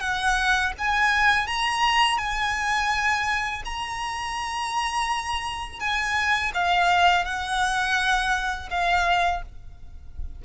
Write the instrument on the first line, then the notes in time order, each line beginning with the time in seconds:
violin
0.00 F#5
0.79 G#5
1.47 A#5
2.18 G#5
3.65 A#5
5.80 G#5
6.54 F5
7.25 F#5
8.70 F5